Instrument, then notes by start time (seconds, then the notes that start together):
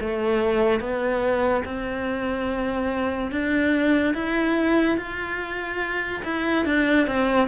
cello
0.00 A3
0.80 B3
1.64 C4
3.31 D4
4.14 E4
4.97 F4
6.24 E4
6.65 D4
7.07 C4